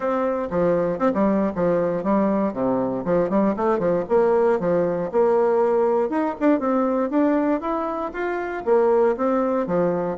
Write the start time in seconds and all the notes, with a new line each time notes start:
0.00 C4
0.50 F3
0.98 C4
1.14 G3
1.55 F3
2.03 G3
2.53 C3
3.04 F3
3.29 G3
3.56 A3
3.78 F3
4.08 A#3
4.59 F3
5.11 A#3
6.09 D#4
6.40 D4
6.59 C4
7.10 D4
7.60 E4
8.13 F4
8.65 A#3
9.16 C4
9.67 F3